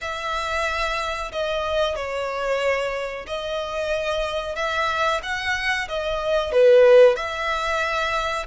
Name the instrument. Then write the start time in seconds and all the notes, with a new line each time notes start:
violin
0.01 E5
1.32 D#5
1.95 C#5
3.26 D#5
4.55 E5
5.22 F#5
5.88 D#5
6.52 B4
7.16 E5